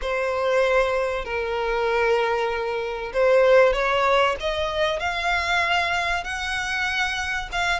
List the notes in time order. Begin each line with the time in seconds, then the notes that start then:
0.01 C5
1.24 A#4
3.13 C5
3.73 C#5
4.39 D#5
4.99 F5
6.24 F#5
7.51 F5